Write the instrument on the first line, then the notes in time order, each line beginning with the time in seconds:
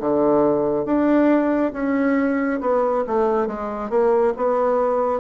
bassoon
0.00 D3
0.85 D4
1.73 C#4
2.60 B3
3.07 A3
3.47 G#3
3.90 A#3
4.37 B3